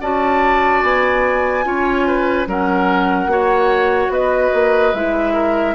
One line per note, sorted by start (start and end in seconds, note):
0.00 0.82 C#4
0.00 1.64 F#4
0.00 1.64 D5
0.00 0.82 A5
0.82 1.65 B3
0.82 2.46 G#5
1.64 2.47 C#4
1.64 2.46 F4
1.64 2.07 C#5
2.07 2.48 B4
2.47 3.26 F#3
2.47 3.28 C#4
2.47 3.30 A#4
2.47 4.13 F#5
3.26 4.08 A#3
3.26 4.93 F#4
3.26 4.12 C#5
4.09 4.50 B3
4.09 5.33 B4
4.09 4.94 D#5
4.53 4.93 A#3
4.93 5.75 G#3
4.93 5.75 E4
4.93 5.75 E5
5.33 5.74 A#4